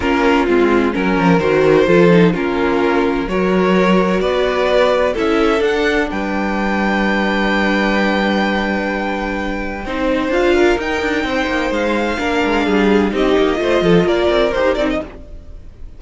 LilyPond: <<
  \new Staff \with { instrumentName = "violin" } { \time 4/4 \tempo 4 = 128 ais'4 f'4 ais'4 c''4~ | c''4 ais'2 cis''4~ | cis''4 d''2 e''4 | fis''4 g''2.~ |
g''1~ | g''2 f''4 g''4~ | g''4 f''2. | dis''2 d''4 c''8 d''16 dis''16 | }
  \new Staff \with { instrumentName = "violin" } { \time 4/4 f'2 ais'2 | a'4 f'2 ais'4~ | ais'4 b'2 a'4~ | a'4 b'2.~ |
b'1~ | b'4 c''4. ais'4. | c''2 ais'4 gis'4 | g'4 c''8 a'8 ais'2 | }
  \new Staff \with { instrumentName = "viola" } { \time 4/4 cis'4 c'4 cis'4 fis'4 | f'8 dis'8 cis'2 fis'4~ | fis'2. e'4 | d'1~ |
d'1~ | d'4 dis'4 f'4 dis'4~ | dis'2 d'2 | dis'4 f'2 g'8 dis'8 | }
  \new Staff \with { instrumentName = "cello" } { \time 4/4 ais4 gis4 fis8 f8 dis4 | f4 ais2 fis4~ | fis4 b2 cis'4 | d'4 g2.~ |
g1~ | g4 c'4 d'4 dis'8 d'8 | c'8 ais8 gis4 ais8 gis8 g4 | c'8 ais8 a8 f8 ais8 c'8 dis'8 c'8 | }
>>